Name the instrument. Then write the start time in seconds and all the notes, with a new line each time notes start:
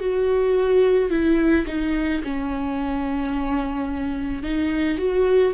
viola
0.00 F#4
1.10 E4
1.67 D#4
2.24 C#4
4.43 D#4
4.98 F#4